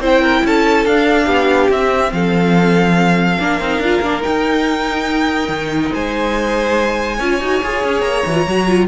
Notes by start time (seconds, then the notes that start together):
0.00 C4 E4 C5 G5
0.21 A#4
0.44 C#4 A4 A5
0.86 D4 F5
1.26 B3 G4
1.69 C4 E5
2.12 F3 A4 F5
3.39 A#3 D4 A#4
3.60 C4 D#4
3.79 D4 F4
4.02 A#3 D4
4.21 D#4 G5
5.49 D#3
5.93 G#3 C5 G#5
7.17 C#4 F4 C#5
7.41 D#4 F#4
7.64 F4 G#4
7.84 C#4
8.01 A#3 A#5
8.26 E3 F#4
8.35 F4
8.47 F#3 F#4
8.68 F4